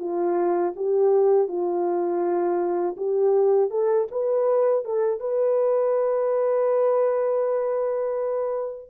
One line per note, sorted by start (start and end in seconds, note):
0.00 0.74 F4
0.76 1.48 G4
1.48 2.97 F4
2.97 3.71 G4
3.71 4.08 A4
4.12 4.85 B4
4.85 5.21 A4
5.21 8.90 B4